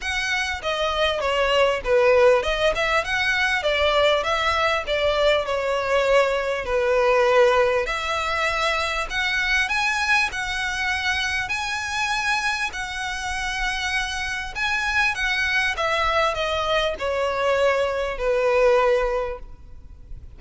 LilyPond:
\new Staff \with { instrumentName = "violin" } { \time 4/4 \tempo 4 = 99 fis''4 dis''4 cis''4 b'4 | dis''8 e''8 fis''4 d''4 e''4 | d''4 cis''2 b'4~ | b'4 e''2 fis''4 |
gis''4 fis''2 gis''4~ | gis''4 fis''2. | gis''4 fis''4 e''4 dis''4 | cis''2 b'2 | }